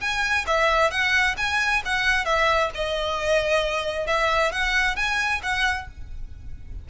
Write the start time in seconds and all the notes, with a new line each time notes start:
0.00 G#5
0.46 E5
0.90 F#5
1.37 G#5
1.85 F#5
2.25 E5
2.74 D#5
4.07 E5
4.52 F#5
4.96 G#5
5.43 F#5